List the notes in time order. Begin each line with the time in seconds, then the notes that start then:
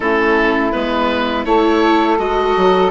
0.00 A3 C#4 E4 A4
0.71 G#3 B3 B4
1.45 A3 E4 A4 C#5
2.18 G#3 F#4 D#5
2.56 F#3